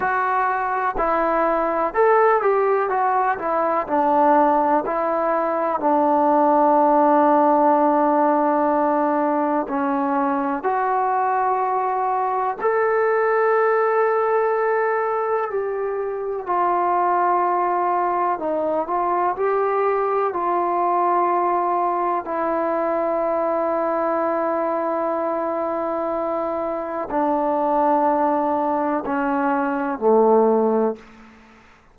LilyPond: \new Staff \with { instrumentName = "trombone" } { \time 4/4 \tempo 4 = 62 fis'4 e'4 a'8 g'8 fis'8 e'8 | d'4 e'4 d'2~ | d'2 cis'4 fis'4~ | fis'4 a'2. |
g'4 f'2 dis'8 f'8 | g'4 f'2 e'4~ | e'1 | d'2 cis'4 a4 | }